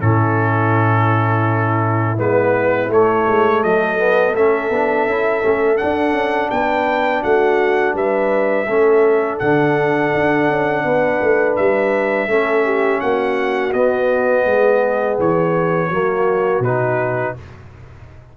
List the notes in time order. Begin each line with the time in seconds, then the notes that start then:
0.00 A2 C#4 E4 A4
2.17 G#3 B3 B4
2.88 A3 C#5
3.27 G#3
3.61 F#3 A4 D#5
3.98 B3
4.33 A3 C#4 E5
4.69 B3 D4
5.06 C#4 E4
5.41 A3 C#4
5.77 D4 F#5
5.83 D4
6.12 C#4
6.50 B3 B4 G5
7.22 A3 F#4 F#5
7.94 G3 B4 E5
8.66 A3 C#4 A4
9.39 D3 D4 F#5
10.13 D4
10.49 C#4
10.84 B3 B4
11.21 A3
11.55 G3 E5
12.27 A3 C#4 A4
12.64 G4
13.00 A#3 F#4 F#5
13.72 B3 D#5
14.45 G#3 G#4
15.18 E3 C#5
15.89 F#3 A#3 F#4
16.59 B2 D#4 B4